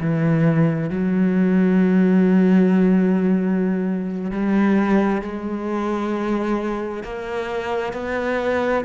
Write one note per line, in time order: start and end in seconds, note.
0.00 0.90 E3
0.90 4.31 F#3
4.31 5.21 G3
5.21 7.03 G#3
7.03 7.93 A#3
7.93 8.84 B3